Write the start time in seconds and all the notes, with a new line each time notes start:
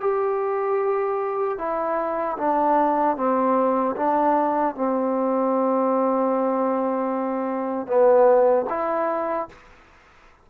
0.00 G4
1.58 E4
2.37 D4
3.16 C4
3.96 D4
4.75 C4
7.87 B3
8.69 E4